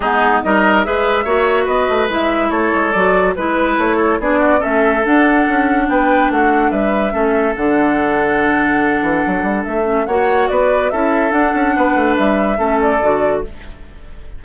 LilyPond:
<<
  \new Staff \with { instrumentName = "flute" } { \time 4/4 \tempo 4 = 143 gis'4 dis''4 e''2 | dis''4 e''4 cis''4 d''4 | b'4 cis''4 d''4 e''4 | fis''2 g''4 fis''4 |
e''2 fis''2~ | fis''2. e''4 | fis''4 d''4 e''4 fis''4~ | fis''4 e''4. d''4. | }
  \new Staff \with { instrumentName = "oboe" } { \time 4/4 dis'4 ais'4 b'4 cis''4 | b'2 a'2 | b'4. a'8 gis'8 fis'8 a'4~ | a'2 b'4 fis'4 |
b'4 a'2.~ | a'1 | cis''4 b'4 a'2 | b'2 a'2 | }
  \new Staff \with { instrumentName = "clarinet" } { \time 4/4 b4 dis'4 gis'4 fis'4~ | fis'4 e'2 fis'4 | e'2 d'4 cis'4 | d'1~ |
d'4 cis'4 d'2~ | d'2.~ d'8 cis'8 | fis'2 e'4 d'4~ | d'2 cis'4 fis'4 | }
  \new Staff \with { instrumentName = "bassoon" } { \time 4/4 gis4 g4 gis4 ais4 | b8 a8 gis4 a8 gis8 fis4 | gis4 a4 b4 a4 | d'4 cis'4 b4 a4 |
g4 a4 d2~ | d4. e8 fis8 g8 a4 | ais4 b4 cis'4 d'8 cis'8 | b8 a8 g4 a4 d4 | }
>>